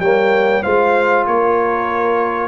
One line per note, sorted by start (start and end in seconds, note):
0.00 0.62 G3
0.00 0.64 A#3
0.00 0.63 C#5
0.00 0.63 G5
0.63 1.27 G#3
0.63 2.48 F4
0.63 1.25 C5
0.63 1.26 F5
1.27 2.48 A#3
1.27 2.48 A#4
1.27 2.48 C#5